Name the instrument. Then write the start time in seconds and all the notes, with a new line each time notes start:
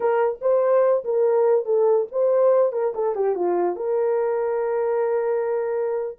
horn
0.00 A#4
0.41 C5
1.04 A#4
1.65 A4
2.11 C5
2.72 A#4
2.94 A4
3.15 G4
3.35 F4
3.76 A#4